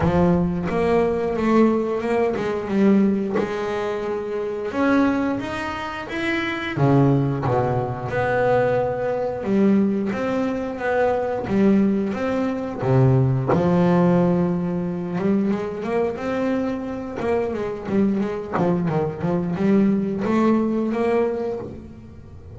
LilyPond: \new Staff \with { instrumentName = "double bass" } { \time 4/4 \tempo 4 = 89 f4 ais4 a4 ais8 gis8 | g4 gis2 cis'4 | dis'4 e'4 cis4 b,4 | b2 g4 c'4 |
b4 g4 c'4 c4 | f2~ f8 g8 gis8 ais8 | c'4. ais8 gis8 g8 gis8 f8 | dis8 f8 g4 a4 ais4 | }